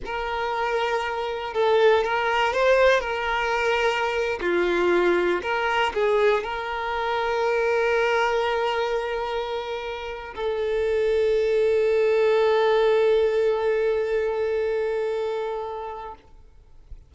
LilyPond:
\new Staff \with { instrumentName = "violin" } { \time 4/4 \tempo 4 = 119 ais'2. a'4 | ais'4 c''4 ais'2~ | ais'8. f'2 ais'4 gis'16~ | gis'8. ais'2.~ ais'16~ |
ais'1~ | ais'8 a'2.~ a'8~ | a'1~ | a'1 | }